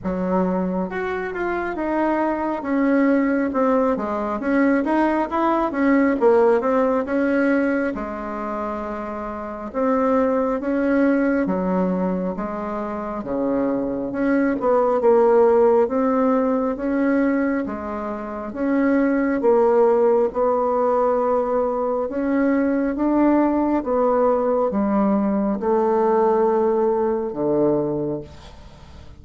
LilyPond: \new Staff \with { instrumentName = "bassoon" } { \time 4/4 \tempo 4 = 68 fis4 fis'8 f'8 dis'4 cis'4 | c'8 gis8 cis'8 dis'8 e'8 cis'8 ais8 c'8 | cis'4 gis2 c'4 | cis'4 fis4 gis4 cis4 |
cis'8 b8 ais4 c'4 cis'4 | gis4 cis'4 ais4 b4~ | b4 cis'4 d'4 b4 | g4 a2 d4 | }